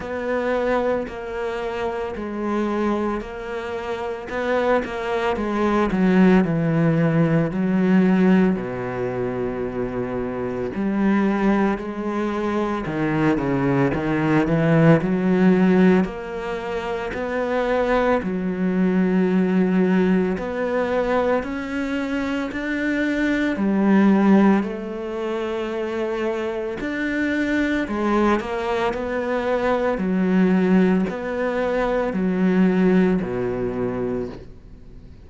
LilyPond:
\new Staff \with { instrumentName = "cello" } { \time 4/4 \tempo 4 = 56 b4 ais4 gis4 ais4 | b8 ais8 gis8 fis8 e4 fis4 | b,2 g4 gis4 | dis8 cis8 dis8 e8 fis4 ais4 |
b4 fis2 b4 | cis'4 d'4 g4 a4~ | a4 d'4 gis8 ais8 b4 | fis4 b4 fis4 b,4 | }